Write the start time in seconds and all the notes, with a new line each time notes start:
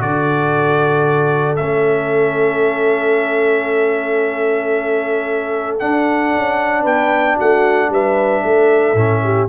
0.00 D3 F#4 A4 D5
1.56 A3 C#4 E5
5.80 D4 F#5
6.35 C#4
6.82 B3 B4 G5
7.37 A3 F#4 F#5
7.90 G3 B4 E5
8.44 A3 A4
8.95 A2 C#4
9.24 G4